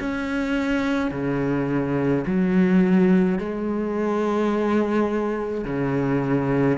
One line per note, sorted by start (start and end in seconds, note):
0.00 1.11 C#4
1.11 2.24 C#3
2.27 3.39 F#3
3.39 5.65 G#3
5.65 6.78 C#3